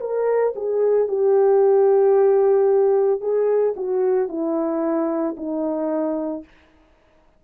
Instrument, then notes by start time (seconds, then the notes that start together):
horn
0.00 A#4
0.56 G#4
1.08 G4
3.20 G#4
3.76 F#4
4.29 E4
5.37 D#4